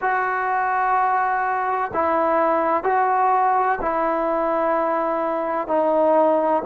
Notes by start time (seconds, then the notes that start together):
0.01 F#4
1.93 E4
2.83 F#4
3.81 E4
5.67 D#4